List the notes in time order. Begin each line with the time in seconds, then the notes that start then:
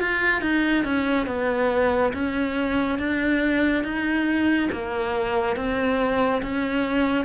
0.00 F4
0.41 D#4
0.84 C#4
1.27 B3
2.13 C#4
2.98 D4
3.83 D#4
4.71 A#3
5.56 C4
6.42 C#4